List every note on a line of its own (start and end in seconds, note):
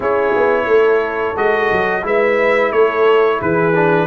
0.00 0.33 C#4
0.00 1.36 E4
0.00 0.64 G#4
0.00 1.36 C#5
0.36 0.66 B3
0.66 1.35 A3
0.66 2.05 A4
1.36 1.70 G#3
1.36 2.02 F#4
1.36 2.04 D#5
1.71 2.03 F#3
2.02 2.71 G#3
2.02 3.72 E4
2.02 2.74 B4
2.02 2.72 E5
2.72 3.40 A3
2.72 3.38 A4
2.72 3.40 C#5
3.38 4.07 E3
3.38 4.06 G#4
3.38 4.07 B4
3.74 4.07 D4